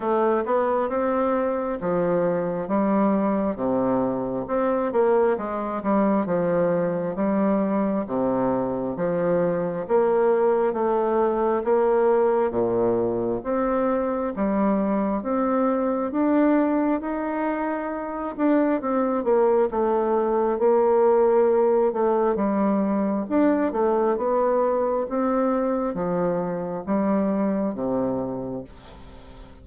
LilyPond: \new Staff \with { instrumentName = "bassoon" } { \time 4/4 \tempo 4 = 67 a8 b8 c'4 f4 g4 | c4 c'8 ais8 gis8 g8 f4 | g4 c4 f4 ais4 | a4 ais4 ais,4 c'4 |
g4 c'4 d'4 dis'4~ | dis'8 d'8 c'8 ais8 a4 ais4~ | ais8 a8 g4 d'8 a8 b4 | c'4 f4 g4 c4 | }